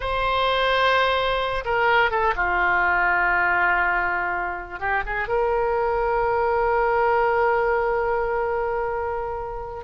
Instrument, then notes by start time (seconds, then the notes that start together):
oboe
0.00 C5
1.64 A#4
2.10 A4
2.36 F4
4.79 G4
5.06 G#4
5.27 A#4